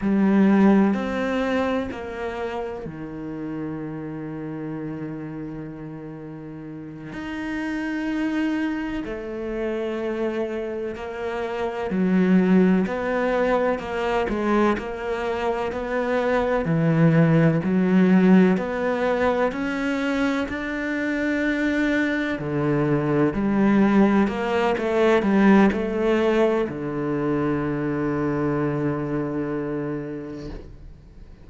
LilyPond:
\new Staff \with { instrumentName = "cello" } { \time 4/4 \tempo 4 = 63 g4 c'4 ais4 dis4~ | dis2.~ dis8 dis'8~ | dis'4. a2 ais8~ | ais8 fis4 b4 ais8 gis8 ais8~ |
ais8 b4 e4 fis4 b8~ | b8 cis'4 d'2 d8~ | d8 g4 ais8 a8 g8 a4 | d1 | }